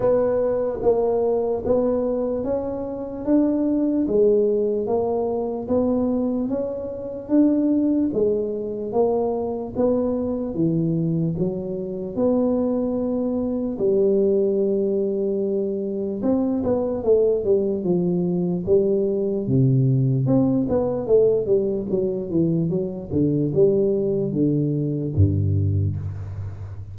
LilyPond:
\new Staff \with { instrumentName = "tuba" } { \time 4/4 \tempo 4 = 74 b4 ais4 b4 cis'4 | d'4 gis4 ais4 b4 | cis'4 d'4 gis4 ais4 | b4 e4 fis4 b4~ |
b4 g2. | c'8 b8 a8 g8 f4 g4 | c4 c'8 b8 a8 g8 fis8 e8 | fis8 d8 g4 d4 g,4 | }